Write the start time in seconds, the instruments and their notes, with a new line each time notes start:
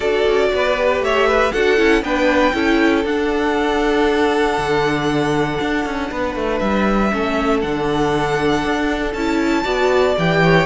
0.00 cello D4, viola F#4, violin A4 D5
0.26 cello C#4
0.53 cello B3, violin B4
0.76 viola G4
1.00 cello A3, violin C#5 E5
1.27 violin B4
1.52 cello D4, viola F#4, violin A4 F#5
1.77 cello C#4, viola E4
2.02 cello B3, viola D4, violin B4 G5
2.53 cello C#4, viola E4, violin A4
3.04 cello D4, viola D4, violin F#5
4.57 cello D3
5.60 cello D4
5.85 cello C#4
6.11 cello B3, violin B4
6.35 cello A3
6.58 cello G3, violin E5
7.11 cello A3, viola C#4, violin A4
7.61 cello D3, viola D4, violin F#5
8.64 cello D4
9.13 cello C#4, viola E4, violin A5
9.63 cello B3, viola F#4, violin D5
10.17 cello E3, viola G4, violin G5
10.43 violin C#5